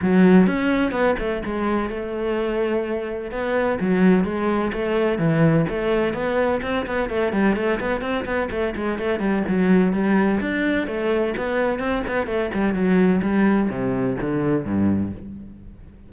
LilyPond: \new Staff \with { instrumentName = "cello" } { \time 4/4 \tempo 4 = 127 fis4 cis'4 b8 a8 gis4 | a2. b4 | fis4 gis4 a4 e4 | a4 b4 c'8 b8 a8 g8 |
a8 b8 c'8 b8 a8 gis8 a8 g8 | fis4 g4 d'4 a4 | b4 c'8 b8 a8 g8 fis4 | g4 c4 d4 g,4 | }